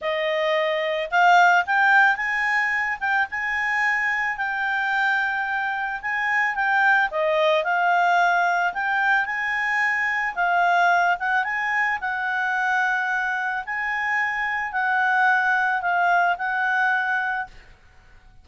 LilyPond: \new Staff \with { instrumentName = "clarinet" } { \time 4/4 \tempo 4 = 110 dis''2 f''4 g''4 | gis''4. g''8 gis''2 | g''2. gis''4 | g''4 dis''4 f''2 |
g''4 gis''2 f''4~ | f''8 fis''8 gis''4 fis''2~ | fis''4 gis''2 fis''4~ | fis''4 f''4 fis''2 | }